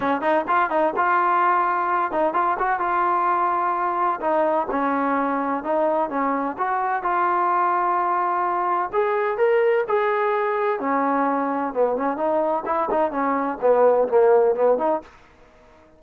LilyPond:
\new Staff \with { instrumentName = "trombone" } { \time 4/4 \tempo 4 = 128 cis'8 dis'8 f'8 dis'8 f'2~ | f'8 dis'8 f'8 fis'8 f'2~ | f'4 dis'4 cis'2 | dis'4 cis'4 fis'4 f'4~ |
f'2. gis'4 | ais'4 gis'2 cis'4~ | cis'4 b8 cis'8 dis'4 e'8 dis'8 | cis'4 b4 ais4 b8 dis'8 | }